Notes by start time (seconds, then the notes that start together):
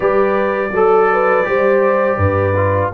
0.00 G3 G4 B4 D5
0.71 F#3 A4
1.12 B4
1.43 G3 G4 C5
2.17 G2 B4
2.56 F4